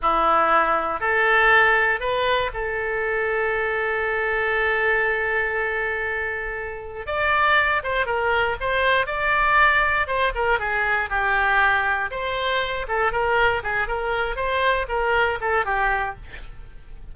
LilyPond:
\new Staff \with { instrumentName = "oboe" } { \time 4/4 \tempo 4 = 119 e'2 a'2 | b'4 a'2.~ | a'1~ | a'2 d''4. c''8 |
ais'4 c''4 d''2 | c''8 ais'8 gis'4 g'2 | c''4. a'8 ais'4 gis'8 ais'8~ | ais'8 c''4 ais'4 a'8 g'4 | }